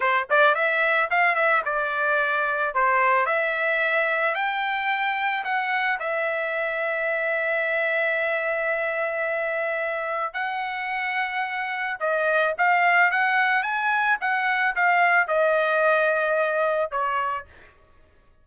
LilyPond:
\new Staff \with { instrumentName = "trumpet" } { \time 4/4 \tempo 4 = 110 c''8 d''8 e''4 f''8 e''8 d''4~ | d''4 c''4 e''2 | g''2 fis''4 e''4~ | e''1~ |
e''2. fis''4~ | fis''2 dis''4 f''4 | fis''4 gis''4 fis''4 f''4 | dis''2. cis''4 | }